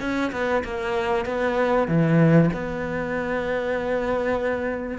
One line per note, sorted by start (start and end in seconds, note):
0.00 0.31 C#4
0.32 0.63 B3
0.64 1.25 A#3
1.25 1.88 B3
1.88 2.50 E3
2.53 4.98 B3